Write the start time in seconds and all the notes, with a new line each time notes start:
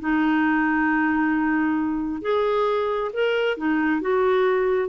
0.00 D#4
2.21 G#4
3.13 A#4
3.57 D#4
4.01 F#4